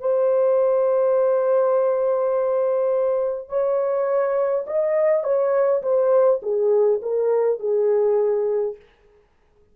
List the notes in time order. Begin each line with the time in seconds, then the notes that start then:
0.00 C5
3.49 C#5
4.67 D#5
5.24 C#5
5.83 C5
6.43 G#4
7.02 A#4
7.60 G#4